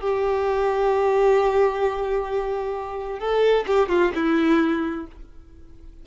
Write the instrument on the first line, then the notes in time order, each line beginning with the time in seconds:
violin
0.00 G4
3.19 A4
3.67 G4
3.88 F4
4.15 E4